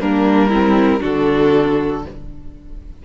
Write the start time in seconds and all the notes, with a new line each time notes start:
0.00 G3 A#3 D4 A#4
0.50 C4 E4
1.00 D3 D4 F#4 A4